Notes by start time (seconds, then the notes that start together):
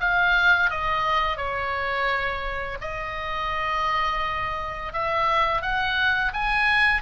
0.00 F5
0.70 D#5
1.37 C#5
2.81 D#5
4.93 E5
5.62 F#5
6.33 G#5